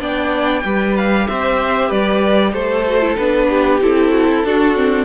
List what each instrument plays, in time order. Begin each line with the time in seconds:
0.00 cello B3, viola D4, violin D5 G5
0.65 cello G3, viola G4, violin B4
0.97 violin F5
1.28 cello C4, violin C5 E5
1.88 cello G3, violin B4 D5
2.54 cello A3, violin A4 C5
2.87 viola F#4
3.02 viola E4
3.18 cello B3, viola D4, violin B4
3.49 violin G4
3.81 cello C4, viola E4, violin A4
4.12 violin F#4
4.31 violin E4
4.44 cello D4, viola D4, violin F#4
4.75 viola C4